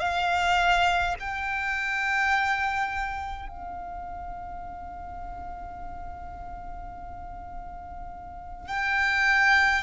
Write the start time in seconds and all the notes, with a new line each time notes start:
0.00 F5
1.20 G5
3.49 F5
8.68 G5